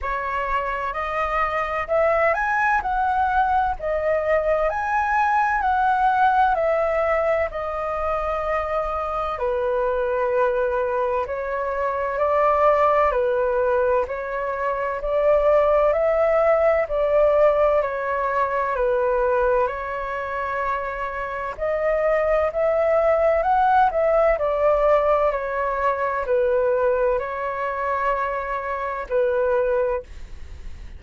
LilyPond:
\new Staff \with { instrumentName = "flute" } { \time 4/4 \tempo 4 = 64 cis''4 dis''4 e''8 gis''8 fis''4 | dis''4 gis''4 fis''4 e''4 | dis''2 b'2 | cis''4 d''4 b'4 cis''4 |
d''4 e''4 d''4 cis''4 | b'4 cis''2 dis''4 | e''4 fis''8 e''8 d''4 cis''4 | b'4 cis''2 b'4 | }